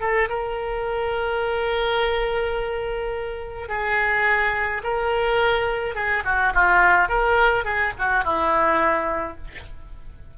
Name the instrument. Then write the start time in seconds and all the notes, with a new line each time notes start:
oboe
0.00 A4
0.29 A#4
3.68 G#4
4.83 A#4
5.95 G#4
6.24 F#4
6.53 F4
7.08 A#4
7.64 G#4
7.98 F#4
8.24 E4